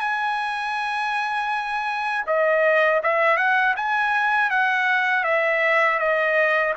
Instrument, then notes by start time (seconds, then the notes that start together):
trumpet
0.00 G#5
2.26 D#5
3.03 E5
3.37 F#5
3.76 G#5
4.50 F#5
5.24 E5
5.99 D#5